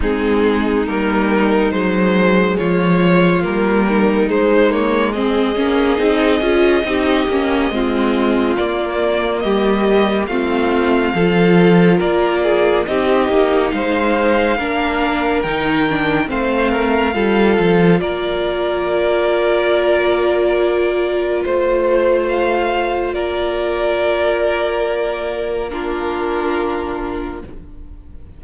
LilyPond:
<<
  \new Staff \with { instrumentName = "violin" } { \time 4/4 \tempo 4 = 70 gis'4 ais'4 c''4 cis''4 | ais'4 c''8 cis''8 dis''2~ | dis''2 d''4 dis''4 | f''2 d''4 dis''4 |
f''2 g''4 f''4~ | f''4 d''2.~ | d''4 c''4 f''4 d''4~ | d''2 ais'2 | }
  \new Staff \with { instrumentName = "violin" } { \time 4/4 dis'2. f'4~ | f'8 dis'4. gis'2 | g'4 f'2 g'4 | f'4 a'4 ais'8 gis'8 g'4 |
c''4 ais'2 c''8 ais'8 | a'4 ais'2.~ | ais'4 c''2 ais'4~ | ais'2 f'2 | }
  \new Staff \with { instrumentName = "viola" } { \time 4/4 c'4 ais4 gis2 | ais4 gis8 ais8 c'8 cis'8 dis'8 f'8 | dis'8 cis'8 c'4 ais2 | c'4 f'2 dis'4~ |
dis'4 d'4 dis'8 d'8 c'4 | f'1~ | f'1~ | f'2 d'2 | }
  \new Staff \with { instrumentName = "cello" } { \time 4/4 gis4 g4 fis4 f4 | g4 gis4. ais8 c'8 cis'8 | c'8 ais8 gis4 ais4 g4 | a4 f4 ais4 c'8 ais8 |
gis4 ais4 dis4 a4 | g8 f8 ais2.~ | ais4 a2 ais4~ | ais1 | }
>>